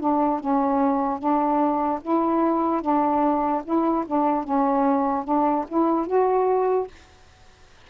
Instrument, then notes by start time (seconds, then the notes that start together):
saxophone
0.00 D4
0.40 C#4
1.19 D4
2.02 E4
2.82 D4
3.64 E4
4.07 D4
4.44 C#4
5.25 D4
5.69 E4
6.07 F#4